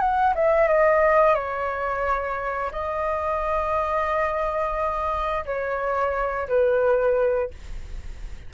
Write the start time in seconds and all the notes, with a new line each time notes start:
0.00 F#5
0.35 E5
0.68 D#5
1.35 C#5
2.72 D#5
5.46 C#5
6.49 B4